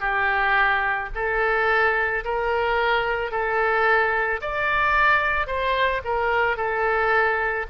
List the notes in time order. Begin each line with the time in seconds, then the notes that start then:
0.00 G4
1.15 A4
2.24 A#4
3.31 A4
4.41 D5
5.46 C5
6.04 A#4
6.57 A4